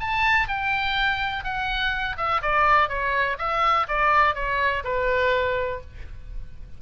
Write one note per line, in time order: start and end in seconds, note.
0.00 0.48 A5
0.48 1.44 G5
1.44 2.16 F#5
2.17 2.41 E5
2.42 2.89 D5
2.89 3.37 C#5
3.38 3.87 E5
3.88 4.34 D5
4.34 4.83 C#5
4.84 5.81 B4